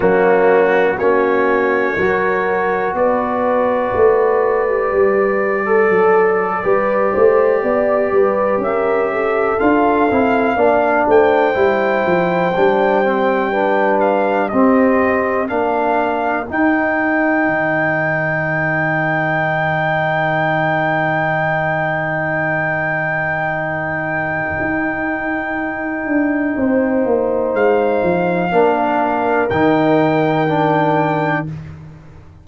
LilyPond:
<<
  \new Staff \with { instrumentName = "trumpet" } { \time 4/4 \tempo 4 = 61 fis'4 cis''2 d''4~ | d''1~ | d''8. e''4 f''4. g''8.~ | g''2~ g''16 f''8 dis''4 f''16~ |
f''8. g''2.~ g''16~ | g''1~ | g''1 | f''2 g''2 | }
  \new Staff \with { instrumentName = "horn" } { \time 4/4 cis'4 fis'4 ais'4 b'4~ | b'4.~ b'16 a'4 b'8 c''8 d''16~ | d''16 b'8 ais'8 a'4. d''8 c''8.~ | c''4.~ c''16 b'4 g'4 ais'16~ |
ais'1~ | ais'1~ | ais'2. c''4~ | c''4 ais'2. | }
  \new Staff \with { instrumentName = "trombone" } { \time 4/4 ais4 cis'4 fis'2~ | fis'8. g'4 a'4 g'4~ g'16~ | g'4.~ g'16 f'8 e'8 d'4 e'16~ | e'8. d'8 c'8 d'4 c'4 d'16~ |
d'8. dis'2.~ dis'16~ | dis'1~ | dis'1~ | dis'4 d'4 dis'4 d'4 | }
  \new Staff \with { instrumentName = "tuba" } { \time 4/4 fis4 ais4 fis4 b4 | a4 g4 fis8. g8 a8 b16~ | b16 g8 cis'4 d'8 c'8 ais8 a8 g16~ | g16 f8 g2 c'4 ais16~ |
ais8. dis'4 dis2~ dis16~ | dis1~ | dis4 dis'4. d'8 c'8 ais8 | gis8 f8 ais4 dis2 | }
>>